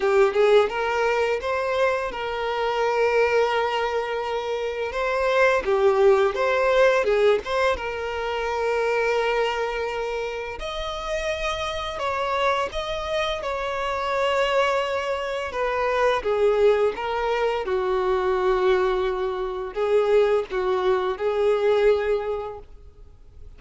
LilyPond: \new Staff \with { instrumentName = "violin" } { \time 4/4 \tempo 4 = 85 g'8 gis'8 ais'4 c''4 ais'4~ | ais'2. c''4 | g'4 c''4 gis'8 c''8 ais'4~ | ais'2. dis''4~ |
dis''4 cis''4 dis''4 cis''4~ | cis''2 b'4 gis'4 | ais'4 fis'2. | gis'4 fis'4 gis'2 | }